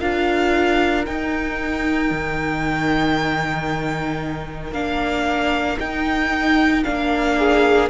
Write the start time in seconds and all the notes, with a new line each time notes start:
0.00 D4 F4 A#4 F5
1.06 D#4 G5
2.11 D#3
4.72 A#3 D4 F5
5.80 D#4 G5
6.84 A#3 D4 F5
7.39 G#4